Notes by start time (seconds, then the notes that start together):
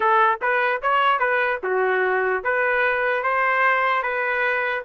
0.00 A4
0.41 B4
0.81 C#5
1.19 B4
1.63 F#4
2.43 B4
3.23 C5
4.02 B4